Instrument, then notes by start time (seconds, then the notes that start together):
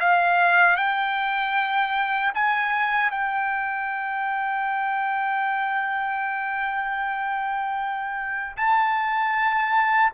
trumpet
0.00 F5
0.76 G5
2.34 G#5
3.11 G5
8.57 A5